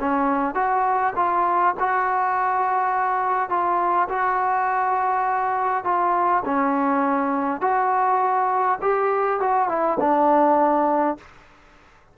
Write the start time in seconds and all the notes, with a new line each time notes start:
0.00 C#4
0.55 F#4
1.16 F4
1.80 F#4
3.49 F4
4.09 F#4
5.85 F4
6.45 C#4
7.61 F#4
8.82 G4
9.40 F#4
9.69 E4
10.00 D4